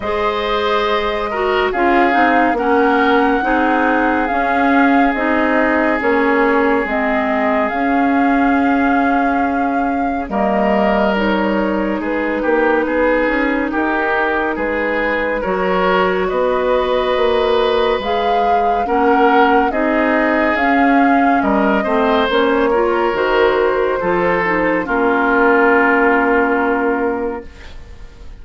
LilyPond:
<<
  \new Staff \with { instrumentName = "flute" } { \time 4/4 \tempo 4 = 70 dis''2 f''4 fis''4~ | fis''4 f''4 dis''4 cis''4 | dis''4 f''2. | dis''4 cis''4 b'2 |
ais'4 b'4 cis''4 dis''4~ | dis''4 f''4 fis''4 dis''4 | f''4 dis''4 cis''4 c''4~ | c''4 ais'2. | }
  \new Staff \with { instrumentName = "oboe" } { \time 4/4 c''4. ais'8 gis'4 ais'4 | gis'1~ | gis'1 | ais'2 gis'8 g'8 gis'4 |
g'4 gis'4 ais'4 b'4~ | b'2 ais'4 gis'4~ | gis'4 ais'8 c''4 ais'4. | a'4 f'2. | }
  \new Staff \with { instrumentName = "clarinet" } { \time 4/4 gis'4. fis'8 f'8 dis'8 cis'4 | dis'4 cis'4 dis'4 cis'4 | c'4 cis'2. | ais4 dis'2.~ |
dis'2 fis'2~ | fis'4 gis'4 cis'4 dis'4 | cis'4. c'8 cis'8 f'8 fis'4 | f'8 dis'8 cis'2. | }
  \new Staff \with { instrumentName = "bassoon" } { \time 4/4 gis2 cis'8 c'8 ais4 | c'4 cis'4 c'4 ais4 | gis4 cis'2. | g2 gis8 ais8 b8 cis'8 |
dis'4 gis4 fis4 b4 | ais4 gis4 ais4 c'4 | cis'4 g8 a8 ais4 dis4 | f4 ais2. | }
>>